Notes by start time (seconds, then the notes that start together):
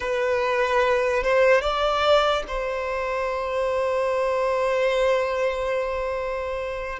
0.00 B4
1.23 C5
1.61 D5
2.47 C5